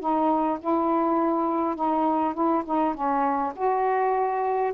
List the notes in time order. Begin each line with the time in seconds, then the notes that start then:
0.00 D#4
0.61 E4
1.76 D#4
2.34 E4
2.65 D#4
2.94 C#4
3.56 F#4